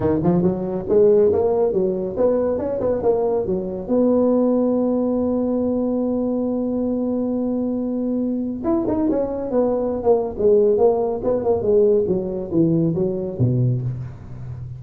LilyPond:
\new Staff \with { instrumentName = "tuba" } { \time 4/4 \tempo 4 = 139 dis8 f8 fis4 gis4 ais4 | fis4 b4 cis'8 b8 ais4 | fis4 b2.~ | b1~ |
b1 | e'8 dis'8 cis'4 b4~ b16 ais8. | gis4 ais4 b8 ais8 gis4 | fis4 e4 fis4 b,4 | }